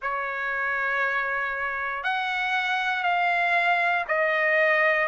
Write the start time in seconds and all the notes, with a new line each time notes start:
0.02 C#5
2.03 F#5
3.03 F5
4.07 D#5